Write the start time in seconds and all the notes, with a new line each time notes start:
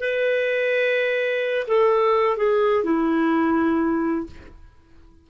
0.00 B4
1.67 A4
2.37 G#4
2.84 E4